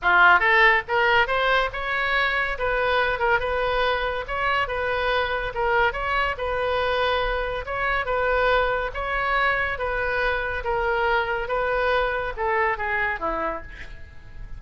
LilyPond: \new Staff \with { instrumentName = "oboe" } { \time 4/4 \tempo 4 = 141 f'4 a'4 ais'4 c''4 | cis''2 b'4. ais'8 | b'2 cis''4 b'4~ | b'4 ais'4 cis''4 b'4~ |
b'2 cis''4 b'4~ | b'4 cis''2 b'4~ | b'4 ais'2 b'4~ | b'4 a'4 gis'4 e'4 | }